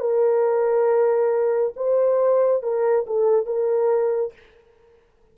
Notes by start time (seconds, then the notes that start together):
0.00 A#4
1.77 C5
2.63 A#4
3.07 A4
3.46 A#4